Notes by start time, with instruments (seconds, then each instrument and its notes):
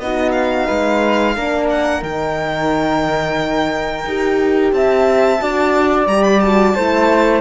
0.00 cello B3, horn D#4, flute F#4, violin D#5
0.31 violin F5
0.66 cello G#3, flute B4
1.36 cello A#3, horn D4, flute A#4
1.70 violin F#5
2.02 cello D#3, horn D#4, violin G5
4.06 cello D#4, horn G4
4.72 cello C4, flute E5, violin A5
5.40 cello D4, horn F#4, flute D5
6.06 cello G3, horn G4, violin A#5
6.23 violin B5
6.40 horn F#4, violin A5
6.75 cello A3, horn E4, flute C5